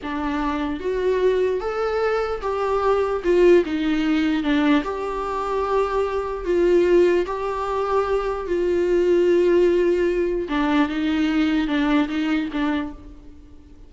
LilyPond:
\new Staff \with { instrumentName = "viola" } { \time 4/4 \tempo 4 = 149 d'2 fis'2 | a'2 g'2 | f'4 dis'2 d'4 | g'1 |
f'2 g'2~ | g'4 f'2.~ | f'2 d'4 dis'4~ | dis'4 d'4 dis'4 d'4 | }